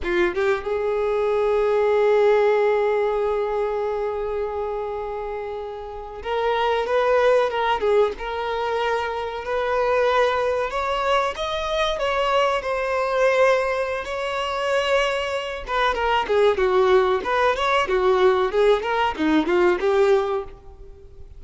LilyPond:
\new Staff \with { instrumentName = "violin" } { \time 4/4 \tempo 4 = 94 f'8 g'8 gis'2.~ | gis'1~ | gis'4.~ gis'16 ais'4 b'4 ais'16~ | ais'16 gis'8 ais'2 b'4~ b'16~ |
b'8. cis''4 dis''4 cis''4 c''16~ | c''2 cis''2~ | cis''8 b'8 ais'8 gis'8 fis'4 b'8 cis''8 | fis'4 gis'8 ais'8 dis'8 f'8 g'4 | }